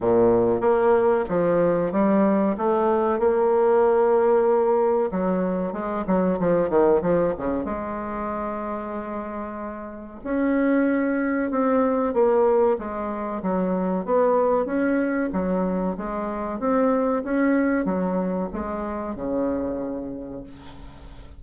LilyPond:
\new Staff \with { instrumentName = "bassoon" } { \time 4/4 \tempo 4 = 94 ais,4 ais4 f4 g4 | a4 ais2. | fis4 gis8 fis8 f8 dis8 f8 cis8 | gis1 |
cis'2 c'4 ais4 | gis4 fis4 b4 cis'4 | fis4 gis4 c'4 cis'4 | fis4 gis4 cis2 | }